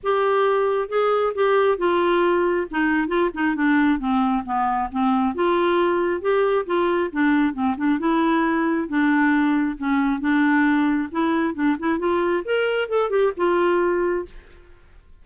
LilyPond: \new Staff \with { instrumentName = "clarinet" } { \time 4/4 \tempo 4 = 135 g'2 gis'4 g'4 | f'2 dis'4 f'8 dis'8 | d'4 c'4 b4 c'4 | f'2 g'4 f'4 |
d'4 c'8 d'8 e'2 | d'2 cis'4 d'4~ | d'4 e'4 d'8 e'8 f'4 | ais'4 a'8 g'8 f'2 | }